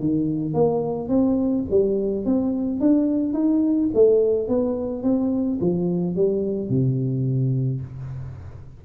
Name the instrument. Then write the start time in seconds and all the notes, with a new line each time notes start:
tuba
0.00 D#3
0.54 A#3
1.09 C4
1.71 G3
2.26 C4
2.80 D4
3.34 D#4
3.94 A3
4.48 B3
5.03 C4
5.61 F3
6.16 G3
6.70 C3